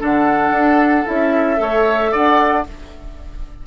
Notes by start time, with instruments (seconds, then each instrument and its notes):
0.00 bassoon D3, clarinet D4, oboe A4, flute F#5
0.51 bassoon D4
1.06 bassoon C#4, clarinet E4, flute E5
1.57 bassoon A3, clarinet A4, oboe C#5
2.12 bassoon D4, oboe D5, flute F#5